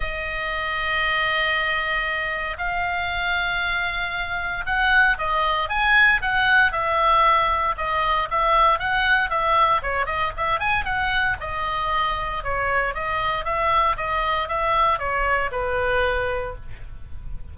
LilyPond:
\new Staff \with { instrumentName = "oboe" } { \time 4/4 \tempo 4 = 116 dis''1~ | dis''4 f''2.~ | f''4 fis''4 dis''4 gis''4 | fis''4 e''2 dis''4 |
e''4 fis''4 e''4 cis''8 dis''8 | e''8 gis''8 fis''4 dis''2 | cis''4 dis''4 e''4 dis''4 | e''4 cis''4 b'2 | }